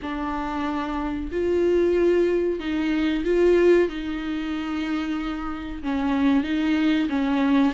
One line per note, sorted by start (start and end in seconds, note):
0.01 1.30 D4
1.31 2.59 F4
2.59 3.24 D#4
3.24 3.89 F4
3.89 5.82 D#4
5.82 6.43 C#4
6.43 7.08 D#4
7.09 7.73 C#4